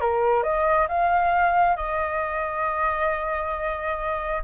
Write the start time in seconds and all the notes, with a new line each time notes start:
0.00 A#4
0.42 D#5
0.88 F5
1.76 D#5